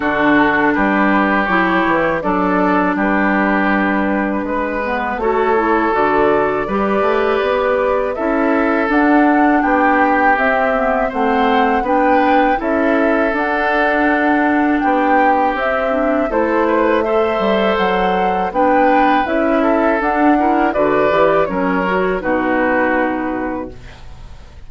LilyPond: <<
  \new Staff \with { instrumentName = "flute" } { \time 4/4 \tempo 4 = 81 a'4 b'4 cis''4 d''4 | b'2. cis''4 | d''2. e''4 | fis''4 g''4 e''4 fis''4 |
g''4 e''4 fis''2 | g''4 e''4 c''4 e''4 | fis''4 g''4 e''4 fis''4 | d''4 cis''4 b'2 | }
  \new Staff \with { instrumentName = "oboe" } { \time 4/4 fis'4 g'2 a'4 | g'2 b'4 a'4~ | a'4 b'2 a'4~ | a'4 g'2 c''4 |
b'4 a'2. | g'2 a'8 b'8 c''4~ | c''4 b'4. a'4 ais'8 | b'4 ais'4 fis'2 | }
  \new Staff \with { instrumentName = "clarinet" } { \time 4/4 d'2 e'4 d'4~ | d'2~ d'8 b8 fis'8 e'8 | fis'4 g'2 e'4 | d'2 c'8 b8 c'4 |
d'4 e'4 d'2~ | d'4 c'8 d'8 e'4 a'4~ | a'4 d'4 e'4 d'8 e'8 | fis'8 g'8 cis'8 fis'8 dis'2 | }
  \new Staff \with { instrumentName = "bassoon" } { \time 4/4 d4 g4 fis8 e8 fis4 | g2 gis4 a4 | d4 g8 a8 b4 cis'4 | d'4 b4 c'4 a4 |
b4 cis'4 d'2 | b4 c'4 a4. g8 | fis4 b4 cis'4 d'4 | d8 e8 fis4 b,2 | }
>>